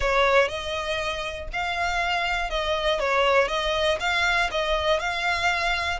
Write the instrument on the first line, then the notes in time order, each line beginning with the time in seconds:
violin
0.00 C#5
0.48 D#5
1.52 F5
2.50 D#5
2.99 C#5
3.48 D#5
4.00 F5
4.51 D#5
4.99 F5